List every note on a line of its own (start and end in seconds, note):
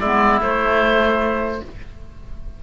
0.00 0.41 G#3
0.00 0.43 B3
0.00 1.61 E4
0.00 0.40 D5
0.41 1.61 A3
0.41 1.63 A3
0.41 1.62 C5